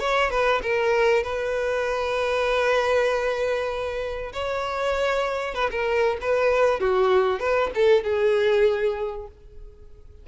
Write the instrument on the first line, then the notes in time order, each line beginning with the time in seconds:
violin
0.00 C#5
0.31 B4
0.63 A#4
1.23 B4
4.33 C#5
5.55 B4
5.71 A#4
6.22 B4
6.80 F#4
7.40 B4
7.75 A4
8.04 G#4